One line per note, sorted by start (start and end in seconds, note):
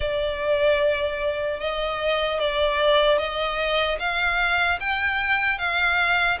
0.00 1.60 D5
1.60 2.40 D#5
2.40 3.18 D5
3.18 3.98 D#5
3.99 4.79 F5
4.80 5.58 G5
5.58 6.38 F5